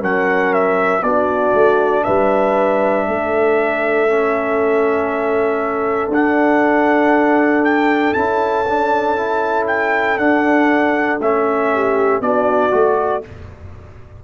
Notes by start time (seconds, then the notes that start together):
0.00 F#3 C#4 A#4 F#5
0.53 E5
1.02 B3 D4 F#4 D5
1.54 A3
2.04 G3 B4 E5
3.08 A3 A4
4.08 C#4
6.08 D4 F#5
7.65 G5
8.14 C#4 E4 A5
8.69 D4
9.17 E4
9.67 G5
10.18 D4 F#5
11.19 A3 C#4 E5
11.74 G4
12.21 B3 D4 F#4 D5
12.71 A3 F#4